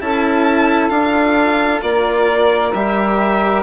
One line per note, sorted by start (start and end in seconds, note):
0.00 0.90 C#4
0.00 0.89 E4
0.00 1.84 A4
0.00 0.89 A5
0.89 1.81 D4
0.89 2.71 F4
0.89 1.80 F5
1.82 2.73 A#3
1.82 3.63 A#4
1.82 2.73 D5
2.73 3.63 G3
2.73 3.63 G4
2.73 3.63 E5